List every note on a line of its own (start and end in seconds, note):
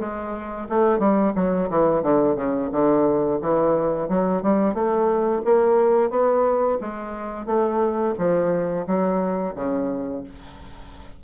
0.00 0.68 G#3
0.69 0.99 A3
0.99 1.33 G3
1.35 1.70 F#3
1.70 2.03 E3
2.03 2.36 D3
2.36 2.70 C#3
2.72 3.40 D3
3.42 4.09 E3
4.09 4.43 F#3
4.43 4.74 G3
4.74 5.43 A3
5.45 6.11 A#3
6.11 6.79 B3
6.81 7.46 G#3
7.46 8.14 A3
8.18 8.87 F3
8.87 9.55 F#3
9.55 10.24 C#3